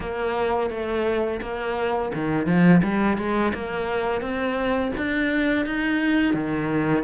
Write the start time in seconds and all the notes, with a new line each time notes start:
0.00 A#3
0.69 A3
1.41 A#3
2.14 D#3
2.46 F3
2.83 G3
3.17 G#3
3.54 A#3
4.21 C4
4.97 D4
5.65 D#4
6.33 D#3